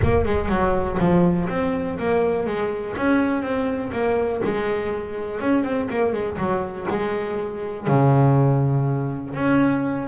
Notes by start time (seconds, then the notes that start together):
0.02 A#3
0.25 G#3
0.48 F#3
0.99 F3
1.48 C4
1.98 A#3
2.46 G#3
2.96 C#4
3.42 C4
3.92 A#3
4.44 G#3
5.40 C#4
5.63 C4
5.90 A#3
6.12 G#3
6.37 F#3
6.89 G#3
7.87 C#3
9.34 C#4